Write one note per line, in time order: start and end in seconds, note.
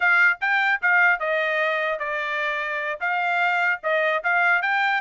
0.00 0.38 F5
0.41 0.81 G5
0.82 1.19 F5
1.19 1.99 D#5
1.99 2.99 D5
3.00 3.80 F5
3.83 4.23 D#5
4.23 4.62 F5
4.62 5.01 G5